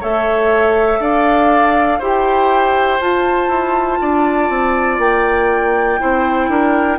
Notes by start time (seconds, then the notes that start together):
0.00 A3 A4 C#5 E5
1.00 D4 D5 F5
1.99 E4 G4 C5 G5
3.00 F4 A5
3.48 E4
4.01 D4 D5
4.49 C4
4.98 A#3 G5
5.99 C4 E4 C5
6.49 D4 A#4